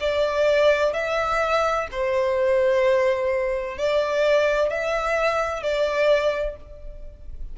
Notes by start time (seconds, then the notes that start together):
0.00 D5
0.93 E5
1.91 C5
3.78 D5
4.70 E5
5.62 D5